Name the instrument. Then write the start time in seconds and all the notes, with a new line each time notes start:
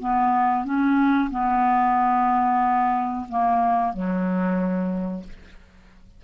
clarinet
0.00 B3
0.65 C#4
1.31 B3
3.29 A#3
3.94 F#3